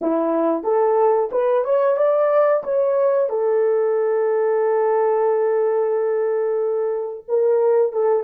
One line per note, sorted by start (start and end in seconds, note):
0.01 0.63 E4
0.63 1.29 A4
1.31 1.64 B4
1.64 1.97 C#5
1.97 2.63 D5
2.63 3.29 C#5
3.29 7.24 A4
7.28 7.92 A#4
7.92 8.23 A4